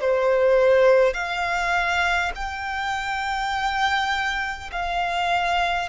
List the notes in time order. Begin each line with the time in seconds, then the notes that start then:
0.00 C5
1.13 F5
2.35 G5
4.72 F5